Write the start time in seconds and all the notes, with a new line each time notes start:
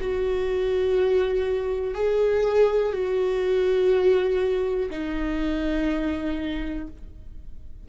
0.00 F#4
1.94 G#4
2.93 F#4
4.90 D#4